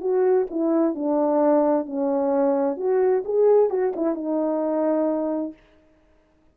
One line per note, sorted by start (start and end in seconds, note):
0.00 0.46 F#4
0.50 0.94 E4
0.94 1.86 D4
1.86 2.77 C#4
2.77 3.23 F#4
3.24 3.70 G#4
3.70 3.93 F#4
3.95 4.14 E4
4.14 5.53 D#4